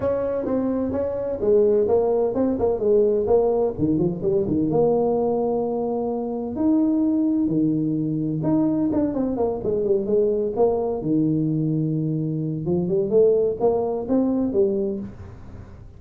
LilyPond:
\new Staff \with { instrumentName = "tuba" } { \time 4/4 \tempo 4 = 128 cis'4 c'4 cis'4 gis4 | ais4 c'8 ais8 gis4 ais4 | dis8 f8 g8 dis8 ais2~ | ais2 dis'2 |
dis2 dis'4 d'8 c'8 | ais8 gis8 g8 gis4 ais4 dis8~ | dis2. f8 g8 | a4 ais4 c'4 g4 | }